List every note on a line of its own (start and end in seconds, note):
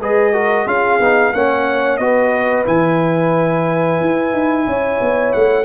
0.00 0.66 G#3
0.00 0.33 G#4
0.00 0.33 B4
0.00 0.68 D#5
0.33 0.67 F#4
0.33 0.67 A#4
0.66 0.99 C#4
0.66 1.00 F4
0.66 1.34 G#4
0.66 1.34 F5
1.00 1.33 B3
1.00 1.34 D#4
1.34 1.99 A#3
1.34 2.00 C#4
1.34 2.01 C#5
1.34 1.98 F#5
1.98 2.65 B3
1.98 2.65 F#4
1.98 4.68 B4
1.98 2.64 D#5
2.65 4.01 E3
2.65 5.65 E4
2.65 5.33 G#5
4.01 4.33 E4
4.33 4.66 D#4
4.67 5.00 C#4
4.67 5.65 C#5
5.01 5.34 B3
5.33 5.65 A3
5.33 5.65 F#5